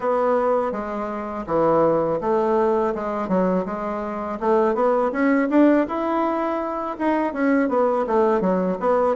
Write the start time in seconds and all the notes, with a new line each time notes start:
0.00 B3
0.72 G#3
1.46 E3
2.21 A3
2.95 G#3
3.28 F#3
3.65 G#3
4.40 A3
4.74 B3
5.12 C#4
5.50 D4
5.87 E4
6.98 D#4
7.33 C#4
7.68 B3
8.06 A3
8.40 F#3
8.80 B3